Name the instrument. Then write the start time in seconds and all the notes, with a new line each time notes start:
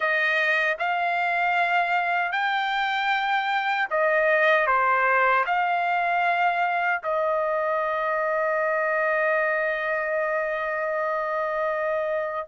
trumpet
0.00 D#5
0.79 F5
2.32 G5
3.90 D#5
4.66 C5
5.46 F5
7.03 D#5